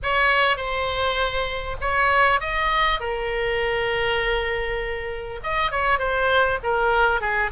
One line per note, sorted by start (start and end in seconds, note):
0.02 0.56 C#5
0.56 1.76 C5
1.80 2.40 C#5
2.40 2.99 D#5
2.99 5.39 A#4
5.43 5.71 D#5
5.71 5.98 C#5
5.98 6.58 C5
6.63 7.20 A#4
7.20 7.50 G#4